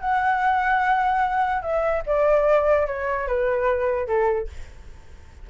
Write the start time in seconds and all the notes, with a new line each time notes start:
0.00 F#5
1.62 E5
2.06 D5
2.86 C#5
3.27 B4
4.06 A4